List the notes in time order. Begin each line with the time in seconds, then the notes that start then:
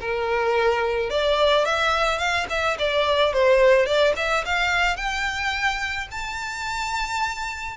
0.00 A#4
1.10 D5
1.65 E5
2.18 F5
2.49 E5
2.79 D5
3.33 C5
3.85 D5
4.16 E5
4.45 F5
4.96 G5
6.11 A5